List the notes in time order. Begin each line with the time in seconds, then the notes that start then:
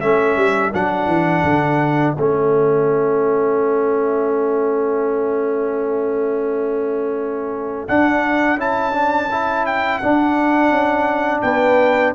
0.00 A3 C#4 A4 E5
0.36 G3
0.74 F#3 D4 F#5
1.07 E3
1.43 D3
2.13 A3 C#4 E5
7.88 D4 F#5
8.57 C#4 E4 A5
8.92 D4
9.31 E4
9.66 G5
9.98 D4 F#5
10.71 C#4
11.42 B3 B4 G5